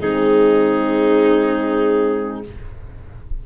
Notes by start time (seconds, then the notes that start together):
0.00 G#3 C4 D#4 G#4